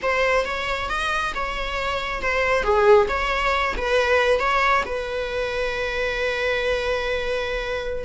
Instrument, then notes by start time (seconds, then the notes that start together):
viola
0.02 C5
0.45 C#5
0.89 D#5
1.35 C#5
2.22 C5
2.63 G#4
3.08 C#5
3.77 B4
4.39 C#5
4.85 B4